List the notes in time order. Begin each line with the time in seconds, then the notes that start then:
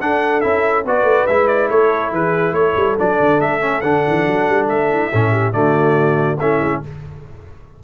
0.00 D4 A4 F#5
0.40 C#4 E4 E5
0.84 B3 F#4 B4 D5
1.03 A3
1.26 G#3 E4 E5
1.47 D5
1.69 A3 A4 C#5
2.11 E3 G#4 B4
2.52 A3 A4 C#5
2.76 G3
2.98 F#3 D4 D5
3.19 D3
3.40 A3 E5
3.60 C#4
3.81 D3 D4 F#5
4.07 E3
4.26 F#3
4.47 G3
4.68 A3 E5
4.90 E4
5.10 A2 C#4 A4
5.31 G4
5.52 D3 A3 F#4 D5
6.39 A3 C#4 E4 E5
6.61 G#3